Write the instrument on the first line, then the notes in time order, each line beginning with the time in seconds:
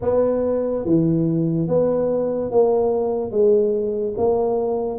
tuba
0.02 B3
0.85 E3
1.68 B3
2.51 A#3
3.31 G#3
4.17 A#3